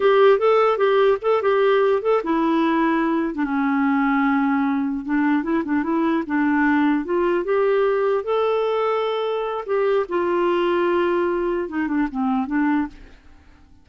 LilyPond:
\new Staff \with { instrumentName = "clarinet" } { \time 4/4 \tempo 4 = 149 g'4 a'4 g'4 a'8 g'8~ | g'4 a'8 e'2~ e'8~ | e'16 d'16 cis'2.~ cis'8~ | cis'8 d'4 e'8 d'8 e'4 d'8~ |
d'4. f'4 g'4.~ | g'8 a'2.~ a'8 | g'4 f'2.~ | f'4 dis'8 d'8 c'4 d'4 | }